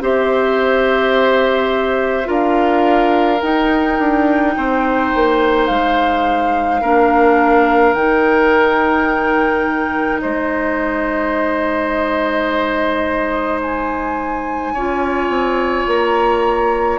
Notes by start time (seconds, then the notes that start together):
0.00 C4 G4 C5 E5
2.24 D4 F4 A#4 F5
3.41 D#4 G5
3.98 D4
4.57 C4 C5
5.14 A#3
5.66 G#3 F5
6.81 A#3 D4 A#4
7.93 D#3 D#4 G5
10.20 G#3 C5 D#5
13.61 G#5
14.73 C#4 F4 C#5
15.29 C4
15.87 A#3 A#5